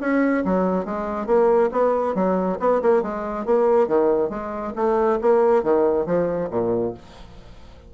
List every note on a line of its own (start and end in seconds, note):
0.00 0.43 C#4
0.44 0.85 F#3
0.85 1.26 G#3
1.26 1.70 A#3
1.71 2.14 B3
2.14 2.58 F#3
2.59 2.81 B3
2.82 3.02 A#3
3.02 3.45 G#3
3.45 3.87 A#3
3.87 4.29 D#3
4.29 4.73 G#3
4.75 5.19 A3
5.21 5.63 A#3
5.63 6.06 D#3
6.06 6.49 F3
6.50 6.94 A#2